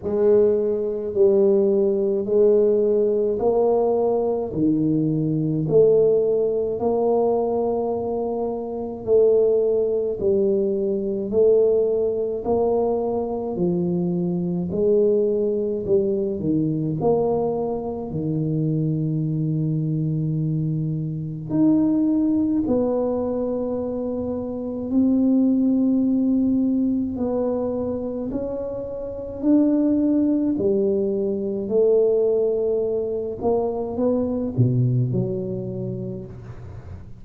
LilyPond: \new Staff \with { instrumentName = "tuba" } { \time 4/4 \tempo 4 = 53 gis4 g4 gis4 ais4 | dis4 a4 ais2 | a4 g4 a4 ais4 | f4 gis4 g8 dis8 ais4 |
dis2. dis'4 | b2 c'2 | b4 cis'4 d'4 g4 | a4. ais8 b8 b,8 fis4 | }